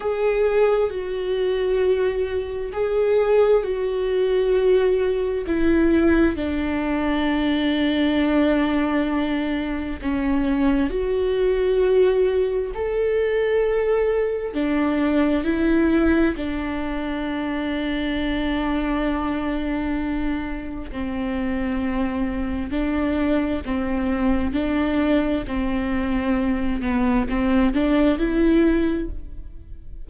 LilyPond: \new Staff \with { instrumentName = "viola" } { \time 4/4 \tempo 4 = 66 gis'4 fis'2 gis'4 | fis'2 e'4 d'4~ | d'2. cis'4 | fis'2 a'2 |
d'4 e'4 d'2~ | d'2. c'4~ | c'4 d'4 c'4 d'4 | c'4. b8 c'8 d'8 e'4 | }